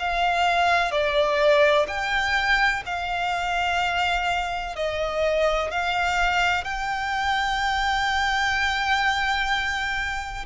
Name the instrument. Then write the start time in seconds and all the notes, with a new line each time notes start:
violin
0.00 F5
0.92 D5
1.88 G5
2.87 F5
4.76 D#5
5.71 F5
6.65 G5